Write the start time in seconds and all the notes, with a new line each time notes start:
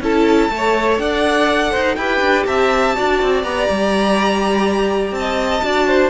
0.00 C#4 E4 A4 A5
0.50 A3 A4 C#5
0.98 D4 D5 F#5
1.71 D#4 C5
1.95 E4 G4 B4 G5
2.20 D4
2.46 C4 E5 A5
2.95 D4 F#4 D5
3.22 C4
3.43 B3 G4 A#5
3.70 G3
5.11 C4 A5
5.18 D#5
5.63 D4 F#4 D5
5.87 C5